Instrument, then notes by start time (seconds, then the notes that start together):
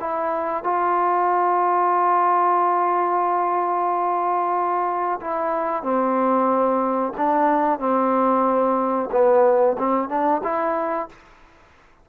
trombone
0.00 E4
0.63 F4
5.21 E4
5.83 C4
7.17 D4
7.79 C4
9.11 B3
9.79 C4
10.09 D4
10.43 E4